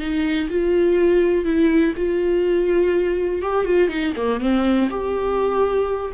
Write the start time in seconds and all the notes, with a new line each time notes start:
0.00 D#4
0.50 F4
1.45 E4
1.96 F4
3.42 G4
3.65 F4
3.89 D#4
4.16 A#3
4.41 C4
4.90 G4